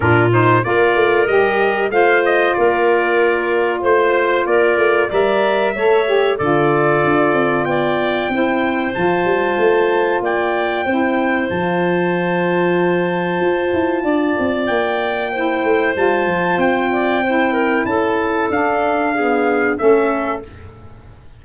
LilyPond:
<<
  \new Staff \with { instrumentName = "trumpet" } { \time 4/4 \tempo 4 = 94 ais'8 c''8 d''4 dis''4 f''8 dis''8 | d''2 c''4 d''4 | e''2 d''2 | g''2 a''2 |
g''2 a''2~ | a''2. g''4~ | g''4 a''4 g''2 | a''4 f''2 e''4 | }
  \new Staff \with { instrumentName = "clarinet" } { \time 4/4 f'4 ais'2 c''4 | ais'2 c''4 ais'4 | d''4 cis''4 a'2 | d''4 c''2. |
d''4 c''2.~ | c''2 d''2 | c''2~ c''8 d''8 c''8 ais'8 | a'2 gis'4 a'4 | }
  \new Staff \with { instrumentName = "saxophone" } { \time 4/4 d'8 dis'8 f'4 g'4 f'4~ | f'1 | ais'4 a'8 g'8 f'2~ | f'4 e'4 f'2~ |
f'4 e'4 f'2~ | f'1 | e'4 f'2 e'4~ | e'4 d'4 b4 cis'4 | }
  \new Staff \with { instrumentName = "tuba" } { \time 4/4 ais,4 ais8 a8 g4 a4 | ais2 a4 ais8 a8 | g4 a4 d4 d'8 c'8 | b4 c'4 f8 g8 a4 |
ais4 c'4 f2~ | f4 f'8 e'8 d'8 c'8 ais4~ | ais8 a8 g8 f8 c'2 | cis'4 d'2 a4 | }
>>